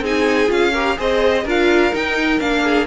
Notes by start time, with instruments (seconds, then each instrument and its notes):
0.00 cello C4, viola D#4, violin G#4 G#5
0.47 cello C#4, viola F4, violin F5
0.73 viola G4, violin A#4
0.97 cello C4, viola G#4, violin C5 D#5
1.43 cello D4, viola F4, violin A#4 F5
1.92 viola D#4, cello D#4, violin G5
2.39 cello A#3, viola D4, violin F5
2.63 violin G#4